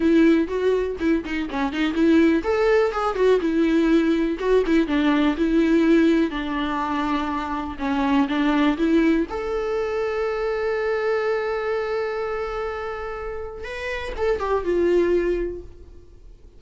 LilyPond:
\new Staff \with { instrumentName = "viola" } { \time 4/4 \tempo 4 = 123 e'4 fis'4 e'8 dis'8 cis'8 dis'8 | e'4 a'4 gis'8 fis'8 e'4~ | e'4 fis'8 e'8 d'4 e'4~ | e'4 d'2. |
cis'4 d'4 e'4 a'4~ | a'1~ | a'1 | b'4 a'8 g'8 f'2 | }